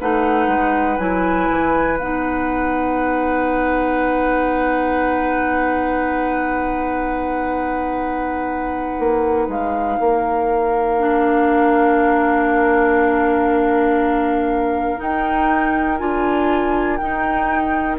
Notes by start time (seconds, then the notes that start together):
0.00 A3 D#4 B4 F#5
0.48 G#3
0.98 F#3 E4 G#5
1.51 E3
1.98 B3 D#4 F#5
8.99 A#3
9.48 G#3 F5
10.00 A#3 A#4
10.99 D4
14.98 D#4 G5
15.98 D4 F4 G#5
16.97 D#4 G5